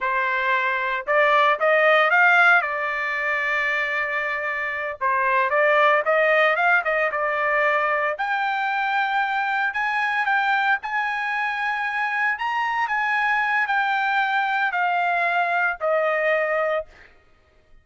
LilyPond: \new Staff \with { instrumentName = "trumpet" } { \time 4/4 \tempo 4 = 114 c''2 d''4 dis''4 | f''4 d''2.~ | d''4. c''4 d''4 dis''8~ | dis''8 f''8 dis''8 d''2 g''8~ |
g''2~ g''8 gis''4 g''8~ | g''8 gis''2. ais''8~ | ais''8 gis''4. g''2 | f''2 dis''2 | }